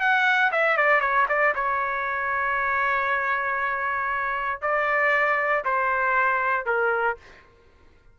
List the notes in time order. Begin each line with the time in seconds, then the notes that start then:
0.00 F#5
0.52 E5
0.77 D5
1.00 C#5
1.28 D5
1.55 C#5
4.61 D5
5.64 C5
6.65 A#4